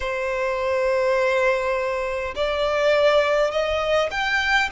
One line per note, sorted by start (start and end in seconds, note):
0.00 2.34 C5
2.35 3.51 D5
3.51 4.10 D#5
4.11 4.70 G5